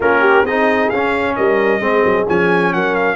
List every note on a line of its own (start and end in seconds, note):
0.00 0.44 A#3
0.00 0.47 C#4
0.00 0.20 F4
0.00 0.46 A#4
0.20 0.42 G4
0.42 0.89 C4
0.42 0.93 D#4
0.42 1.33 G#4
0.42 0.89 D#5
0.89 1.37 C#4
0.89 1.80 C#4
0.89 1.35 F5
1.35 1.80 G3
1.35 1.82 A#4
1.35 2.26 D#5
1.80 2.02 G#3
1.80 2.26 C4
1.80 2.73 G#4
2.04 2.27 F#3
2.28 2.74 F3
2.28 3.16 C#4
2.28 2.73 G#5
2.73 3.16 F#3
2.73 3.16 A#4
2.73 2.95 F#5
2.95 3.16 F5